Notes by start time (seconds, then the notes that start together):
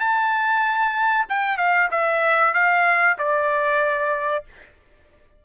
0.00 A5
1.29 G5
1.58 F5
1.91 E5
2.54 F5
3.19 D5